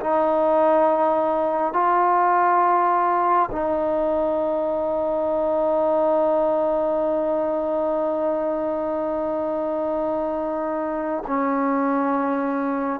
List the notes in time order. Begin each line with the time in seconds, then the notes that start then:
0.00 D#4
1.73 F4
3.51 D#4
11.26 C#4